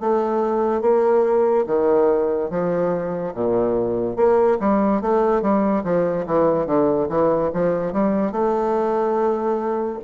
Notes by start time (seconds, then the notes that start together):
0.00 A3
0.81 A#3
1.67 D#3
2.50 F3
3.34 A#2
4.16 A#3
4.60 G3
5.01 A3
5.42 G3
5.84 F3
6.26 E3
6.66 D3
7.09 E3
7.53 F3
7.92 G3
8.32 A3